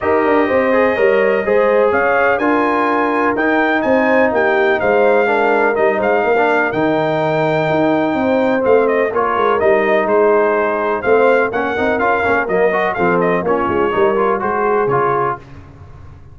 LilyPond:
<<
  \new Staff \with { instrumentName = "trumpet" } { \time 4/4 \tempo 4 = 125 dis''1 | f''4 gis''2 g''4 | gis''4 g''4 f''2 | dis''8 f''4. g''2~ |
g''2 f''8 dis''8 cis''4 | dis''4 c''2 f''4 | fis''4 f''4 dis''4 f''8 dis''8 | cis''2 c''4 cis''4 | }
  \new Staff \with { instrumentName = "horn" } { \time 4/4 ais'4 c''4 cis''4 c''4 | cis''4 ais'2. | c''4 g'4 c''4 ais'4~ | ais'8 c''8 ais'2.~ |
ais'4 c''2 ais'4~ | ais'4 gis'2 c''4 | ais'2. a'4 | f'4 ais'4 gis'2 | }
  \new Staff \with { instrumentName = "trombone" } { \time 4/4 g'4. gis'8 ais'4 gis'4~ | gis'4 f'2 dis'4~ | dis'2. d'4 | dis'4~ dis'16 d'8. dis'2~ |
dis'2 c'4 f'4 | dis'2. c'4 | cis'8 dis'8 f'8 cis'8 ais8 fis'8 c'4 | cis'4 dis'8 f'8 fis'4 f'4 | }
  \new Staff \with { instrumentName = "tuba" } { \time 4/4 dis'8 d'8 c'4 g4 gis4 | cis'4 d'2 dis'4 | c'4 ais4 gis2 | g8 gis8 ais4 dis2 |
dis'4 c'4 a4 ais8 gis8 | g4 gis2 a4 | ais8 c'8 cis'8 ais8 fis4 f4 | ais8 gis8 g4 gis4 cis4 | }
>>